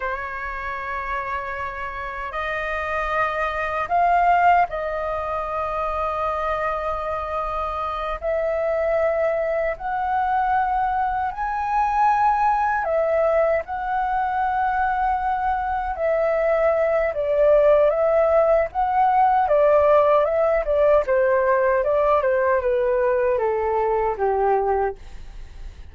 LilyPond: \new Staff \with { instrumentName = "flute" } { \time 4/4 \tempo 4 = 77 cis''2. dis''4~ | dis''4 f''4 dis''2~ | dis''2~ dis''8 e''4.~ | e''8 fis''2 gis''4.~ |
gis''8 e''4 fis''2~ fis''8~ | fis''8 e''4. d''4 e''4 | fis''4 d''4 e''8 d''8 c''4 | d''8 c''8 b'4 a'4 g'4 | }